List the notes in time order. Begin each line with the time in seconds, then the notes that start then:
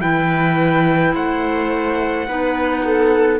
0.00 E3 E4 B4 G5
1.14 A3 C5 F#5
2.27 B3 D#4 B4
2.84 A4